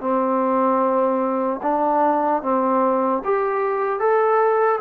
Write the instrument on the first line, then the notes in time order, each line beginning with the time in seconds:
trombone
0.00 C4
1.62 D4
2.42 C4
3.24 G4
3.99 A4